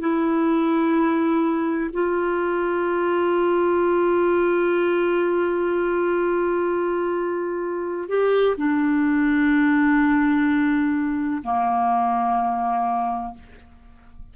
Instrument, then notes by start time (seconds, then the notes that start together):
clarinet
0.00 E4
1.93 F4
8.09 G4
8.57 D4
11.44 A#3